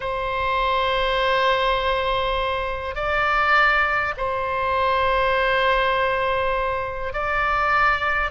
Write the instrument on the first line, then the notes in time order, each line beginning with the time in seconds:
oboe
0.00 C5
2.95 D5
4.17 C5
7.13 D5